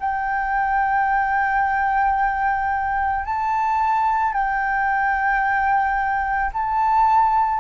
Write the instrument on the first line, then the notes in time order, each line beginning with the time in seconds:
flute
0.00 G5
3.25 A5
4.33 G5
6.53 A5